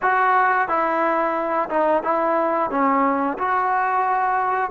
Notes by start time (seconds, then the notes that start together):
0.02 F#4
0.68 E4
1.69 D#4
2.03 E4
2.70 C#4
3.37 F#4